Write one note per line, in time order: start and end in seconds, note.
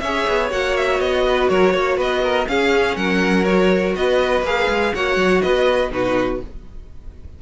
0.00 0.26 C#4
0.00 0.51 G#4
0.00 1.26 C#5
0.00 0.49 E5
0.28 0.52 B3
0.51 1.00 A#3
0.51 2.47 F#4
0.51 0.77 F#5
0.77 1.01 E5
1.00 1.49 B3
1.00 1.49 D#5
1.29 1.50 B4
1.49 1.73 F#3
1.49 1.73 A#4
1.49 1.98 C#5
1.73 1.97 A#3
1.73 1.97 C#5
1.97 2.46 B3
1.97 2.22 B4
1.97 2.48 D#5
2.23 2.48 A#4
2.47 3.46 C#4
2.47 2.96 C#4
2.47 2.97 G#4
2.47 2.96 F5
2.96 3.95 F#3
2.96 3.96 A#4
2.96 3.45 F#5
3.45 4.44 F#4
3.45 3.94 C#5
3.96 4.43 B3
3.96 4.94 B4
3.96 4.45 D#5
4.43 4.67 A#3
4.43 4.95 G#4
4.43 4.95 F5
4.68 4.93 G#3
4.95 5.17 A#3
4.95 5.91 F#4
4.95 5.42 C#5
4.95 5.41 F#5
5.17 5.41 F#3
5.41 5.92 B3
5.41 5.92 B4
5.41 5.91 D#5
5.91 6.41 B2
5.91 6.40 D#4
5.91 6.42 F#4
5.91 6.42 B4